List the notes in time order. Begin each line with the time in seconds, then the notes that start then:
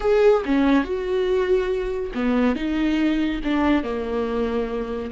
0.00 G#4
0.45 C#4
0.84 F#4
2.14 B3
2.55 D#4
3.44 D4
3.83 A#3